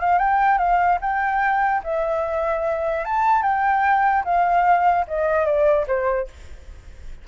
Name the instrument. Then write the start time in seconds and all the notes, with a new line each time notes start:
flute
0.00 F5
0.18 G5
0.58 F5
1.01 G5
1.84 E5
3.05 A5
3.43 G5
4.24 F5
5.08 D#5
5.45 D5
5.87 C5